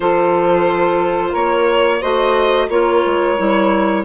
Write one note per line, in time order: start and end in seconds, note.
0.00 1.34 F3
0.00 2.01 F4
0.00 1.30 A4
0.00 1.34 C5
1.30 2.02 A#3
1.30 1.98 A#4
1.30 2.02 C#5
2.00 2.69 A3
2.00 2.69 F#4
2.00 2.67 C5
2.00 2.69 D#5
2.69 3.03 A#3
2.69 3.37 F4
2.69 4.04 A#4
2.69 4.04 C#5
3.05 3.39 G#3
3.37 4.04 G3
3.37 4.04 E4